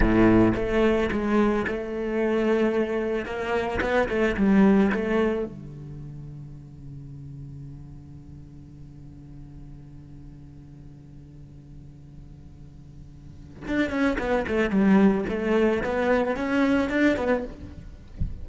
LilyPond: \new Staff \with { instrumentName = "cello" } { \time 4/4 \tempo 4 = 110 a,4 a4 gis4 a4~ | a2 ais4 b8 a8 | g4 a4 d2~ | d1~ |
d1~ | d1~ | d4 d'8 cis'8 b8 a8 g4 | a4 b4 cis'4 d'8 b8 | }